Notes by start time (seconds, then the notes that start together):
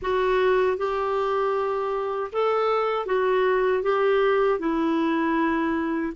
0.01 F#4
0.77 G4
2.32 A4
3.06 F#4
3.83 G4
4.59 E4